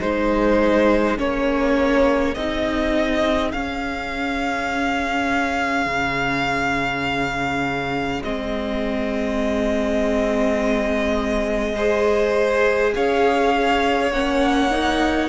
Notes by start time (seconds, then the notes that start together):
0.00 G#3 D#4 G#4 C5
1.18 A#3 C#4 C#5
2.35 C4 D#4 D#5
3.52 C#4 F5
5.86 C#3
8.24 G#3 C4 D#5
11.76 G#4 C5
12.95 C#4 C#5 F5
14.12 A#3 C#4 F#5
14.72 D#4